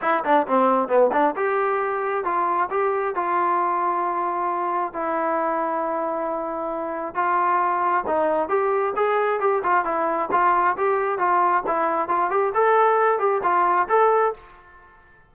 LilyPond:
\new Staff \with { instrumentName = "trombone" } { \time 4/4 \tempo 4 = 134 e'8 d'8 c'4 b8 d'8 g'4~ | g'4 f'4 g'4 f'4~ | f'2. e'4~ | e'1 |
f'2 dis'4 g'4 | gis'4 g'8 f'8 e'4 f'4 | g'4 f'4 e'4 f'8 g'8 | a'4. g'8 f'4 a'4 | }